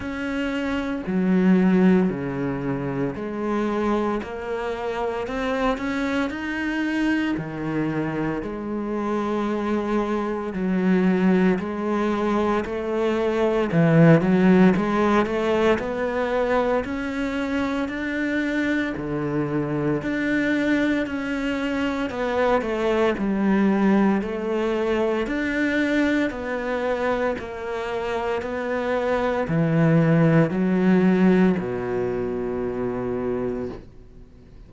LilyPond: \new Staff \with { instrumentName = "cello" } { \time 4/4 \tempo 4 = 57 cis'4 fis4 cis4 gis4 | ais4 c'8 cis'8 dis'4 dis4 | gis2 fis4 gis4 | a4 e8 fis8 gis8 a8 b4 |
cis'4 d'4 d4 d'4 | cis'4 b8 a8 g4 a4 | d'4 b4 ais4 b4 | e4 fis4 b,2 | }